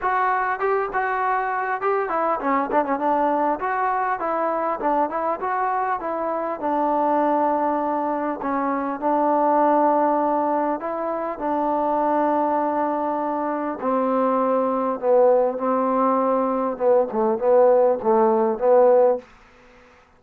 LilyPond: \new Staff \with { instrumentName = "trombone" } { \time 4/4 \tempo 4 = 100 fis'4 g'8 fis'4. g'8 e'8 | cis'8 d'16 cis'16 d'4 fis'4 e'4 | d'8 e'8 fis'4 e'4 d'4~ | d'2 cis'4 d'4~ |
d'2 e'4 d'4~ | d'2. c'4~ | c'4 b4 c'2 | b8 a8 b4 a4 b4 | }